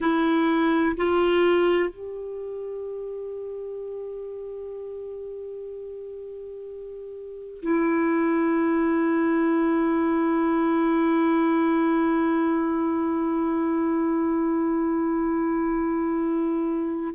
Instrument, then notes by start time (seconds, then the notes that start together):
clarinet
0.00 E4
0.96 F4
1.89 G4
7.62 E4